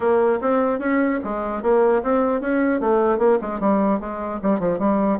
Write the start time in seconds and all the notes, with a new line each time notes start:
0.00 A#3
0.41 C4
0.79 C#4
1.24 G#3
1.62 A#3
2.03 C4
2.41 C#4
2.80 A3
3.18 A#3
3.41 G#3
3.60 G3
4.00 G#3
4.42 G3
4.59 F3
4.78 G3